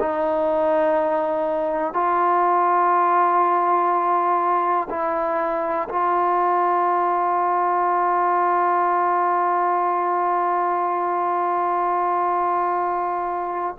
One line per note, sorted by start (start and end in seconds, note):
0.00 1.94 D#4
1.94 4.89 F4
4.90 5.88 E4
5.89 13.76 F4